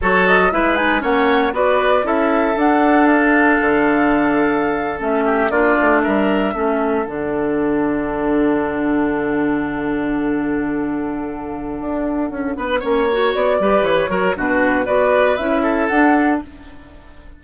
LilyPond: <<
  \new Staff \with { instrumentName = "flute" } { \time 4/4 \tempo 4 = 117 cis''8 dis''8 e''8 gis''8 fis''4 d''4 | e''4 fis''4 f''2~ | f''4.~ f''16 e''4 d''4 e''16~ | e''4.~ e''16 fis''2~ fis''16~ |
fis''1~ | fis''1~ | fis''2 d''4 cis''4 | b'4 d''4 e''4 fis''4 | }
  \new Staff \with { instrumentName = "oboe" } { \time 4/4 a'4 b'4 cis''4 b'4 | a'1~ | a'2~ a'16 g'8 f'4 ais'16~ | ais'8. a'2.~ a'16~ |
a'1~ | a'1~ | a'8 b'8 cis''4. b'4 ais'8 | fis'4 b'4. a'4. | }
  \new Staff \with { instrumentName = "clarinet" } { \time 4/4 fis'4 e'8 dis'8 cis'4 fis'4 | e'4 d'2.~ | d'4.~ d'16 cis'4 d'4~ d'16~ | d'8. cis'4 d'2~ d'16~ |
d'1~ | d'1~ | d'4 cis'8 fis'4 g'4 fis'8 | d'4 fis'4 e'4 d'4 | }
  \new Staff \with { instrumentName = "bassoon" } { \time 4/4 fis4 gis4 ais4 b4 | cis'4 d'2 d4~ | d4.~ d16 a4 ais8 a8 g16~ | g8. a4 d2~ d16~ |
d1~ | d2. d'4 | cis'8 b8 ais4 b8 g8 e8 fis8 | b,4 b4 cis'4 d'4 | }
>>